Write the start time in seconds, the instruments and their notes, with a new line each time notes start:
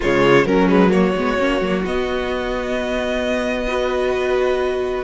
0.00 cello C#3, viola G#3, violin F4 C#5
0.45 cello F#3, viola F#3, violin C#4 A#4
0.67 viola G#3, violin B4
0.90 viola A#3, violin F#4 C#5
1.16 cello G#3, viola B3
1.38 cello A#3, viola C#4
1.60 cello F#3, viola A#3
1.85 cello B3, viola B3, violin D#5
3.67 viola F#4, violin B4